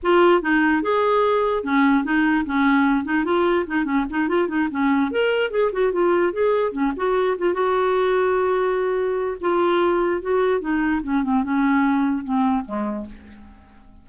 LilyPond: \new Staff \with { instrumentName = "clarinet" } { \time 4/4 \tempo 4 = 147 f'4 dis'4 gis'2 | cis'4 dis'4 cis'4. dis'8 | f'4 dis'8 cis'8 dis'8 f'8 dis'8 cis'8~ | cis'8 ais'4 gis'8 fis'8 f'4 gis'8~ |
gis'8 cis'8 fis'4 f'8 fis'4.~ | fis'2. f'4~ | f'4 fis'4 dis'4 cis'8 c'8 | cis'2 c'4 gis4 | }